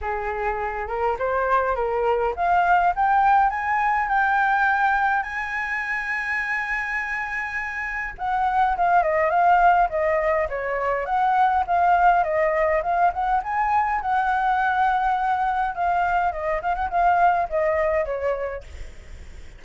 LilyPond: \new Staff \with { instrumentName = "flute" } { \time 4/4 \tempo 4 = 103 gis'4. ais'8 c''4 ais'4 | f''4 g''4 gis''4 g''4~ | g''4 gis''2.~ | gis''2 fis''4 f''8 dis''8 |
f''4 dis''4 cis''4 fis''4 | f''4 dis''4 f''8 fis''8 gis''4 | fis''2. f''4 | dis''8 f''16 fis''16 f''4 dis''4 cis''4 | }